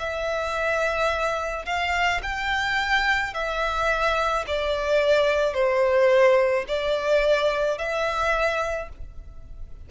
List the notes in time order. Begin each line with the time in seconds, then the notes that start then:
0.00 E5
1.66 F5
2.23 G5
3.34 E5
4.47 D5
5.54 C5
6.68 D5
7.78 E5